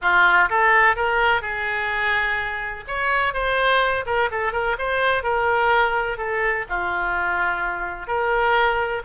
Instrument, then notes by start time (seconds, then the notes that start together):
oboe
0.01 F4
0.49 A4
0.96 A#4
1.41 G#4
2.87 C#5
3.33 C5
4.05 A#4
4.31 A4
4.52 A#4
4.78 C5
5.23 A#4
6.17 A4
6.69 F4
8.07 A#4